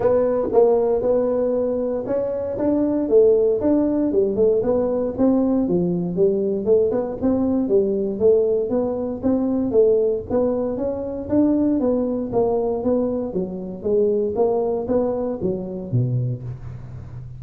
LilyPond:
\new Staff \with { instrumentName = "tuba" } { \time 4/4 \tempo 4 = 117 b4 ais4 b2 | cis'4 d'4 a4 d'4 | g8 a8 b4 c'4 f4 | g4 a8 b8 c'4 g4 |
a4 b4 c'4 a4 | b4 cis'4 d'4 b4 | ais4 b4 fis4 gis4 | ais4 b4 fis4 b,4 | }